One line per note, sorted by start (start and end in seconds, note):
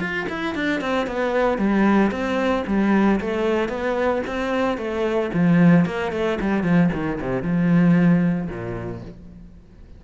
0.00 0.27 F4
0.29 0.55 E4
0.55 0.80 D4
0.80 1.06 C4
1.06 1.58 B3
1.58 2.11 G3
2.11 2.64 C4
2.67 3.20 G3
3.21 3.69 A3
3.69 4.22 B3
4.27 4.77 C4
4.77 5.30 A3
5.33 5.86 F3
5.86 6.12 A#3
6.12 6.38 A3
6.41 6.63 G3
6.63 6.90 F3
6.93 7.19 D#3
7.20 7.42 C3
7.42 8.48 F3
8.49 9.02 A#2